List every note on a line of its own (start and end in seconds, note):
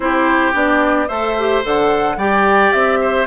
0.00 0.52 C4
0.00 0.53 E4
0.00 1.07 G4
0.00 0.53 C5
0.53 1.08 B3
0.53 1.07 D4
0.53 1.08 D5
1.07 1.63 A3
1.07 1.36 A4
1.07 2.17 C5
1.07 1.63 E5
1.38 1.63 G4
1.63 2.17 D3
1.63 2.17 A4
1.63 2.19 F#5
2.17 2.71 G3
2.17 3.26 G4
2.17 2.99 D5
2.17 2.72 G5
2.72 3.26 C4
2.72 3.26 E5
3.00 3.26 C5